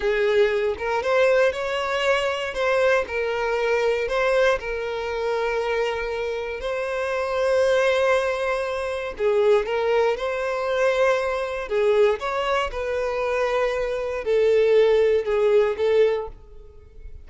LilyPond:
\new Staff \with { instrumentName = "violin" } { \time 4/4 \tempo 4 = 118 gis'4. ais'8 c''4 cis''4~ | cis''4 c''4 ais'2 | c''4 ais'2.~ | ais'4 c''2.~ |
c''2 gis'4 ais'4 | c''2. gis'4 | cis''4 b'2. | a'2 gis'4 a'4 | }